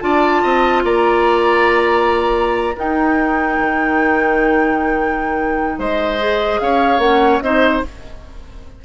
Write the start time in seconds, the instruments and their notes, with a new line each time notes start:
0.00 bassoon D4, clarinet F4, oboe D5, flute A5
0.42 bassoon C4, oboe D#5
0.84 bassoon A#3, oboe D5, flute A#5
2.75 clarinet D#4, bassoon D#4, oboe A#4, flute G5
3.59 bassoon D#3
5.78 bassoon G#3, oboe C5, flute D#5
6.19 clarinet G#4
6.59 bassoon C#4, oboe C#5, flute F5
6.98 bassoon A#3, clarinet C#4, flute F#5
7.41 bassoon C4, clarinet D#4, oboe C5, flute D#5